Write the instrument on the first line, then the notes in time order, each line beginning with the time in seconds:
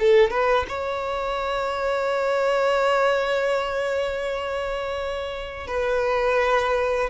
violin
0.00 A4
0.31 B4
0.69 C#5
5.68 B4